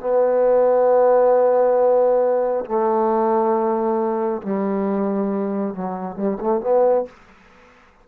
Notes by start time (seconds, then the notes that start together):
0.00 B3
2.65 A3
4.42 G3
5.74 F#3
6.16 G3
6.40 A3
6.61 B3